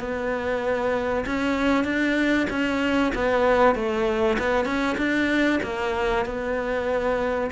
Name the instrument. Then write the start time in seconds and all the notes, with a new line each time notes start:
cello
0.00 B3
1.26 C#4
1.85 D4
2.50 C#4
3.15 B3
3.76 A3
4.39 B3
4.66 C#4
4.98 D4
5.64 A#3
6.26 B3